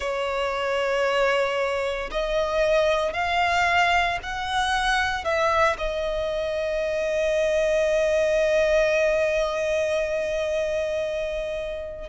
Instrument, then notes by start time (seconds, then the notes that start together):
violin
0.00 C#5
2.11 D#5
3.13 F5
4.22 F#5
5.24 E5
5.78 D#5